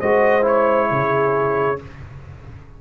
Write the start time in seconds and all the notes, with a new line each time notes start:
0.00 G#3 F#4 C5 D#5
0.42 E4 C#5
0.91 C#3 G#4